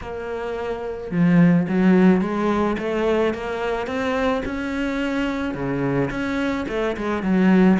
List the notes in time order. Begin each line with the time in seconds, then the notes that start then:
0.01 A#3
1.11 F3
1.68 F#3
2.21 G#3
2.78 A3
3.34 A#3
3.86 C4
4.45 C#4
5.54 C#3
6.10 C#4
6.68 A3
6.96 G#3
7.22 F#3